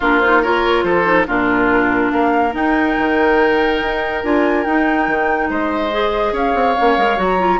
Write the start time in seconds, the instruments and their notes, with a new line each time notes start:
0.00 bassoon A#3, clarinet D4, oboe F4, flute A#4
0.19 clarinet D#4, flute C5
0.42 clarinet F4, oboe A#4, flute C#5
0.82 bassoon F3, oboe A4, flute C5
1.04 clarinet D#4
1.27 bassoon A#2, clarinet D4, oboe F4, flute A#4
2.11 bassoon A#3, oboe A#4, flute F5
2.51 clarinet D#4, bassoon D#4, flute G5
2.97 bassoon D#3
3.81 bassoon D#4
4.23 bassoon D4, clarinet F4, flute G#5
4.64 bassoon D#4, clarinet D#4, flute G5
5.07 bassoon D#3
5.49 bassoon G#3, oboe C5, flute D#5
5.91 clarinet G#4
6.32 bassoon C#4, oboe C#5, flute F5
6.54 bassoon C4
6.77 bassoon A#3, clarinet C#4
6.97 bassoon G#3, clarinet A#4
7.17 bassoon F#3, clarinet F#4, flute A#5
7.38 clarinet F4